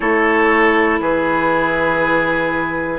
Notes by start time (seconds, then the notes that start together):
0.00 A3 E4 A4 C#5
1.00 E3 G#4 B4